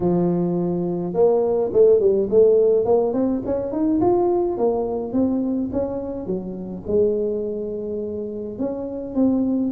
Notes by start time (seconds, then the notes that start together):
0.00 F3
1.13 A#3
1.72 A3
1.99 G3
2.29 A3
2.85 A#3
3.13 C4
3.45 C#4
3.71 D#4
4.01 F4
4.57 A#3
5.12 C4
5.72 C#4
6.26 F#3
6.87 G#3
8.59 C#4
9.14 C4